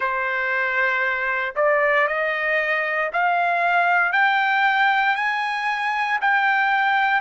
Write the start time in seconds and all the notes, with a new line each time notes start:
0.00 C5
1.55 D5
2.07 D#5
3.12 F5
4.12 G5
5.15 G#5
6.21 G5